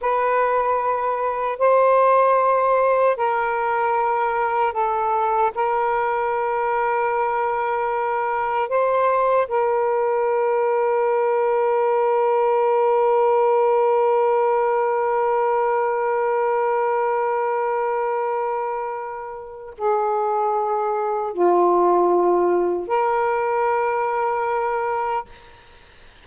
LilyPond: \new Staff \with { instrumentName = "saxophone" } { \time 4/4 \tempo 4 = 76 b'2 c''2 | ais'2 a'4 ais'4~ | ais'2. c''4 | ais'1~ |
ais'1~ | ais'1~ | ais'4 gis'2 f'4~ | f'4 ais'2. | }